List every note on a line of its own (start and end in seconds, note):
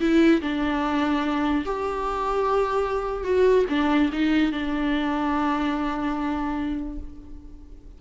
0.00 0.41 E4
0.41 1.65 D4
1.65 3.24 G4
3.24 3.65 F#4
3.69 4.11 D4
4.12 4.52 D#4
4.52 6.98 D4